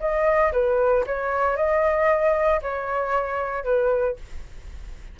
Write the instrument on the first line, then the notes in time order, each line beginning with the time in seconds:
flute
0.00 D#5
0.53 B4
1.06 C#5
1.57 D#5
2.62 C#5
3.64 B4